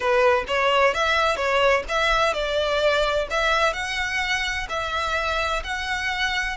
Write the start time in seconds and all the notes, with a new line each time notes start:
0.00 B4
0.47 C#5
0.94 E5
1.36 C#5
1.88 E5
2.33 D5
3.30 E5
3.73 F#5
4.69 E5
5.63 F#5